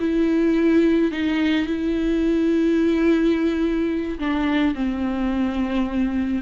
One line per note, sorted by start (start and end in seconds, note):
0.00 1.12 E4
1.12 1.67 D#4
1.67 4.19 E4
4.19 4.75 D4
4.75 6.43 C4